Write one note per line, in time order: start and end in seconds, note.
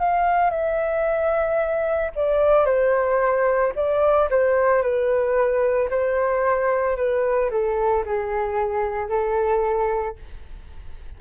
0.00 0.51 F5
0.51 2.11 E5
2.16 2.66 D5
2.66 3.73 C5
3.76 4.30 D5
4.31 4.83 C5
4.83 5.90 B4
5.90 6.97 C5
6.97 7.50 B4
7.51 8.05 A4
8.06 9.09 G#4
9.09 10.16 A4